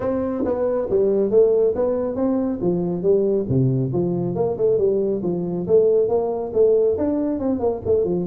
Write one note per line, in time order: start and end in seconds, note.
0.00 0.43 C4
0.45 0.88 B3
0.90 1.30 G3
1.30 1.74 A3
1.75 2.15 B3
2.15 2.59 C4
2.61 3.02 F3
3.02 3.45 G3
3.48 3.92 C3
3.92 4.35 F3
4.35 4.57 A#3
4.57 4.78 A3
4.78 5.21 G3
5.23 5.66 F3
5.67 6.08 A3
6.08 6.51 A#3
6.53 6.96 A3
6.97 7.39 D4
7.39 7.59 C4
7.59 7.81 A#3
7.85 8.04 A3
8.04 8.26 F3